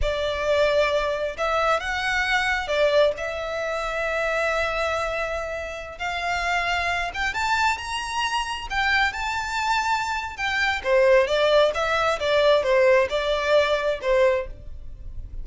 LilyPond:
\new Staff \with { instrumentName = "violin" } { \time 4/4 \tempo 4 = 133 d''2. e''4 | fis''2 d''4 e''4~ | e''1~ | e''4~ e''16 f''2~ f''8 g''16~ |
g''16 a''4 ais''2 g''8.~ | g''16 a''2~ a''8. g''4 | c''4 d''4 e''4 d''4 | c''4 d''2 c''4 | }